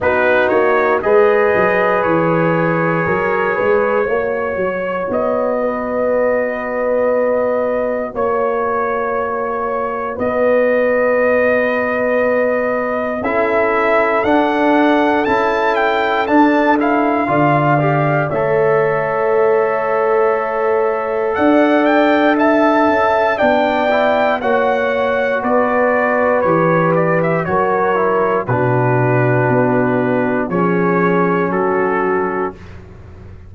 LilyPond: <<
  \new Staff \with { instrumentName = "trumpet" } { \time 4/4 \tempo 4 = 59 b'8 cis''8 dis''4 cis''2~ | cis''4 dis''2. | cis''2 dis''2~ | dis''4 e''4 fis''4 a''8 g''8 |
a''8 f''4. e''2~ | e''4 fis''8 g''8 a''4 g''4 | fis''4 d''4 cis''8 d''16 e''16 cis''4 | b'2 cis''4 a'4 | }
  \new Staff \with { instrumentName = "horn" } { \time 4/4 fis'4 b'2 ais'8 b'8 | cis''4. b'2~ b'8 | cis''2 b'2~ | b'4 a'2.~ |
a'4 d''4 cis''2~ | cis''4 d''4 e''4 d''4 | cis''4 b'2 ais'4 | fis'2 gis'4 fis'4 | }
  \new Staff \with { instrumentName = "trombone" } { \time 4/4 dis'4 gis'2. | fis'1~ | fis'1~ | fis'4 e'4 d'4 e'4 |
d'8 e'8 f'8 g'8 a'2~ | a'2. d'8 e'8 | fis'2 g'4 fis'8 e'8 | d'2 cis'2 | }
  \new Staff \with { instrumentName = "tuba" } { \time 4/4 b8 ais8 gis8 fis8 e4 fis8 gis8 | ais8 fis8 b2. | ais2 b2~ | b4 cis'4 d'4 cis'4 |
d'4 d4 a2~ | a4 d'4. cis'8 b4 | ais4 b4 e4 fis4 | b,4 b4 f4 fis4 | }
>>